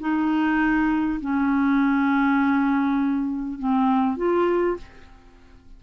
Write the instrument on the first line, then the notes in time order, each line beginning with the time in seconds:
clarinet
0.00 D#4
1.21 C#4
3.59 C4
4.17 F4